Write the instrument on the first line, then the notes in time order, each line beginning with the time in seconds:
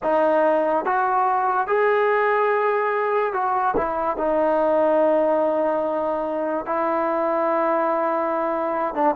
trombone
0.02 D#4
0.85 F#4
1.67 G#4
3.33 F#4
3.76 E4
4.17 D#4
6.65 E4
8.94 D4